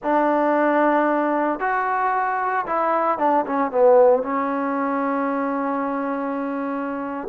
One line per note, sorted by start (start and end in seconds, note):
0.03 1.59 D4
1.59 2.65 F#4
2.66 3.18 E4
3.18 3.45 D4
3.46 3.71 C#4
3.71 4.22 B3
4.22 7.27 C#4